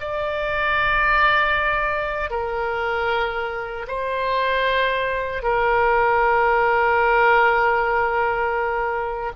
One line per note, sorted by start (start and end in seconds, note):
0.00 2.30 D5
2.30 3.86 A#4
3.87 5.42 C5
5.42 9.32 A#4